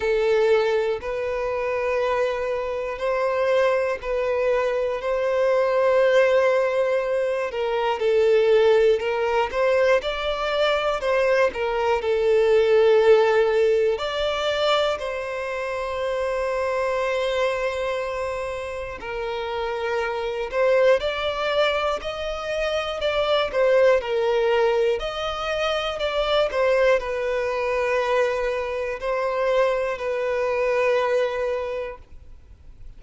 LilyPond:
\new Staff \with { instrumentName = "violin" } { \time 4/4 \tempo 4 = 60 a'4 b'2 c''4 | b'4 c''2~ c''8 ais'8 | a'4 ais'8 c''8 d''4 c''8 ais'8 | a'2 d''4 c''4~ |
c''2. ais'4~ | ais'8 c''8 d''4 dis''4 d''8 c''8 | ais'4 dis''4 d''8 c''8 b'4~ | b'4 c''4 b'2 | }